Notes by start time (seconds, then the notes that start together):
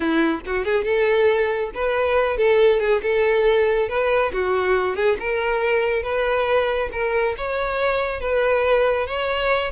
0.00 E4
0.45 F#4
0.64 G#4
0.84 A4
1.74 B4
2.37 A4
2.80 G#4
3.02 A4
3.88 B4
4.32 F#4
4.95 G#4
5.19 A#4
6.02 B4
6.92 A#4
7.37 C#5
8.20 B4
9.06 C#5